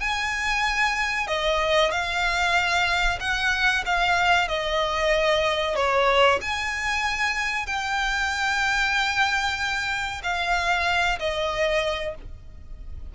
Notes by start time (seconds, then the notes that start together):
0.00 G#5
1.27 D#5
1.91 F5
3.20 F#5
3.86 F5
4.48 D#5
5.76 C#5
6.41 G#5
7.67 G5
10.23 F5
11.19 D#5